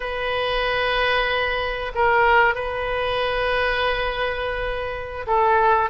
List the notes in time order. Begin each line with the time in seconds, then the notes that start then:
0.00 B4
1.94 A#4
2.54 B4
5.27 A4